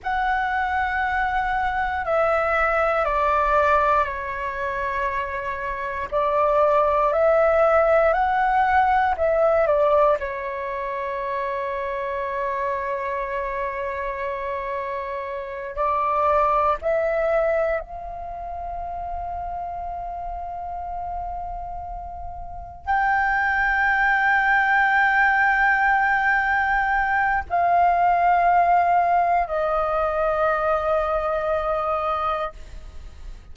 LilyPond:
\new Staff \with { instrumentName = "flute" } { \time 4/4 \tempo 4 = 59 fis''2 e''4 d''4 | cis''2 d''4 e''4 | fis''4 e''8 d''8 cis''2~ | cis''2.~ cis''8 d''8~ |
d''8 e''4 f''2~ f''8~ | f''2~ f''8 g''4.~ | g''2. f''4~ | f''4 dis''2. | }